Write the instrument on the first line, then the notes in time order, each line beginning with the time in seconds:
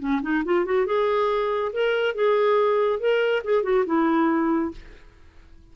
clarinet
0.00 C#4
0.22 D#4
0.45 F4
0.66 F#4
0.86 G#4
1.73 A#4
2.15 G#4
3.00 A#4
3.44 G#4
3.64 F#4
3.86 E4